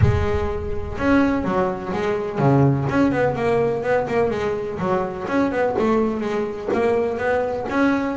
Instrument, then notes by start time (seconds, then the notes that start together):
double bass
0.01 G#3
0.98 C#4
1.44 F#3
1.93 G#3
2.38 C#3
2.89 C#4
3.11 B3
3.35 A#3
3.82 B3
4.07 A#3
4.30 G#3
4.78 F#3
5.27 C#4
5.51 B3
5.78 A3
6.21 G#3
6.73 A#3
7.18 B3
7.69 C#4